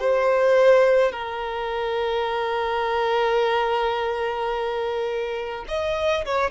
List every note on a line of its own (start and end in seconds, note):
0.00 1.12 C5
1.12 5.65 A#4
5.68 6.25 D#5
6.25 6.50 C#5